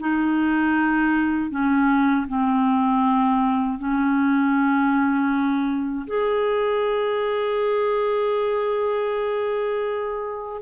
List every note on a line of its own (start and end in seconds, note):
0.00 1.51 D#4
1.51 2.26 C#4
2.28 3.78 C4
3.78 6.06 C#4
6.07 10.62 G#4